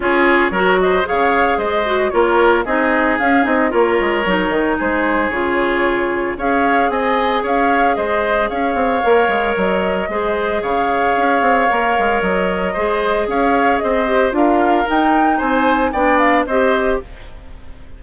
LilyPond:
<<
  \new Staff \with { instrumentName = "flute" } { \time 4/4 \tempo 4 = 113 cis''4. dis''8 f''4 dis''4 | cis''4 dis''4 f''8 dis''8 cis''4~ | cis''4 c''4 cis''2 | f''4 gis''4 f''4 dis''4 |
f''2 dis''2 | f''2. dis''4~ | dis''4 f''4 dis''4 f''4 | g''4 gis''4 g''8 f''8 dis''4 | }
  \new Staff \with { instrumentName = "oboe" } { \time 4/4 gis'4 ais'8 c''8 cis''4 c''4 | ais'4 gis'2 ais'4~ | ais'4 gis'2. | cis''4 dis''4 cis''4 c''4 |
cis''2. c''4 | cis''1 | c''4 cis''4 c''4 ais'4~ | ais'4 c''4 d''4 c''4 | }
  \new Staff \with { instrumentName = "clarinet" } { \time 4/4 f'4 fis'4 gis'4. fis'8 | f'4 dis'4 cis'8 dis'8 f'4 | dis'2 f'2 | gis'1~ |
gis'4 ais'2 gis'4~ | gis'2 ais'2 | gis'2~ gis'8 g'8 f'4 | dis'2 d'4 g'4 | }
  \new Staff \with { instrumentName = "bassoon" } { \time 4/4 cis'4 fis4 cis4 gis4 | ais4 c'4 cis'8 c'8 ais8 gis8 | fis8 dis8 gis4 cis2 | cis'4 c'4 cis'4 gis4 |
cis'8 c'8 ais8 gis8 fis4 gis4 | cis4 cis'8 c'8 ais8 gis8 fis4 | gis4 cis'4 c'4 d'4 | dis'4 c'4 b4 c'4 | }
>>